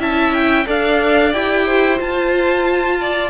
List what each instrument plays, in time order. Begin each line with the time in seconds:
0.00 cello C#4, viola E4, violin E5 A5
0.34 violin G5
0.67 cello D4, viola A4, violin D5 F5
1.33 cello E4, viola G4, violin G5
1.66 violin C5
1.97 viola F4, cello F4, violin A5
3.01 violin D5